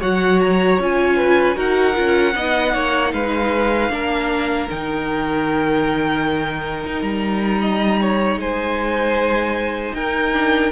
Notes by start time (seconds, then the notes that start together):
0.00 F#3 F#4 C#5 F#5
0.40 A#5
0.79 C#4 F4 G#5
1.16 B4
1.55 D#4 F#4 A#4 F#5
1.94 C#4 F4
2.35 B3 D#4 D#5
2.73 A#3 C#5
3.12 G#3 B4 F5
3.89 A#3 D4 A#4
4.69 D#3 D#4 G5
6.86 D#4
7.01 G3 A#5
7.60 D#5
8.01 C#5
8.36 G#3 C5 G#5
9.93 D#4 A#4 G5
10.32 D4